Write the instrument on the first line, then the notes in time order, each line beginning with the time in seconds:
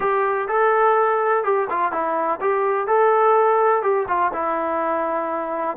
trombone
0.00 G4
0.48 A4
1.44 G4
1.70 F4
1.91 E4
2.40 G4
2.87 A4
3.82 G4
4.08 F4
4.33 E4